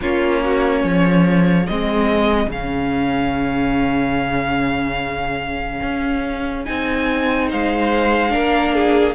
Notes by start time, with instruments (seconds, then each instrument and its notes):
0.01 cello A#3, viola C#4, violin F4 C#5
0.43 violin F#4
0.84 cello F3, violin G#4
1.66 cello G#3, viola C4, violin D#5
2.47 cello C#3, viola C#4, violin F5
5.82 cello C#4
6.64 cello C4, viola D#4, violin G#5
7.48 cello G#3, violin C5 F5
8.29 cello A#3, viola D4, violin A#4
8.74 violin G#4